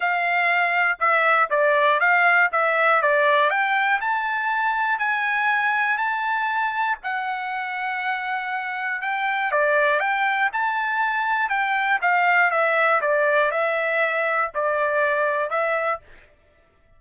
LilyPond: \new Staff \with { instrumentName = "trumpet" } { \time 4/4 \tempo 4 = 120 f''2 e''4 d''4 | f''4 e''4 d''4 g''4 | a''2 gis''2 | a''2 fis''2~ |
fis''2 g''4 d''4 | g''4 a''2 g''4 | f''4 e''4 d''4 e''4~ | e''4 d''2 e''4 | }